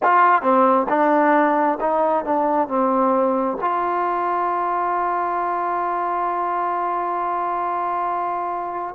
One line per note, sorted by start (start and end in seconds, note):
0.02 0.42 F4
0.42 0.86 C4
0.88 1.78 D4
1.80 2.24 D#4
2.24 2.67 D4
2.67 3.57 C4
3.60 8.94 F4